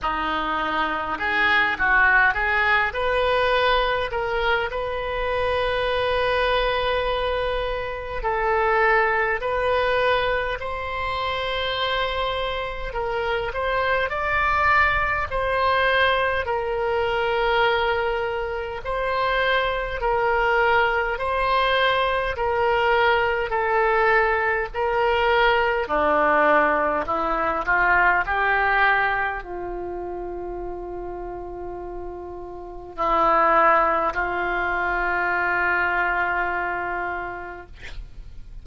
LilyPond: \new Staff \with { instrumentName = "oboe" } { \time 4/4 \tempo 4 = 51 dis'4 gis'8 fis'8 gis'8 b'4 ais'8 | b'2. a'4 | b'4 c''2 ais'8 c''8 | d''4 c''4 ais'2 |
c''4 ais'4 c''4 ais'4 | a'4 ais'4 d'4 e'8 f'8 | g'4 f'2. | e'4 f'2. | }